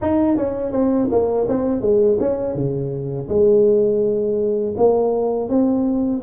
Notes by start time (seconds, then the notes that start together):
0.01 D#4
0.37 C#4
0.72 C4
1.11 A#3
1.48 C4
1.81 G#3
2.20 C#4
2.54 C#3
3.29 G#3
4.77 A#3
5.49 C4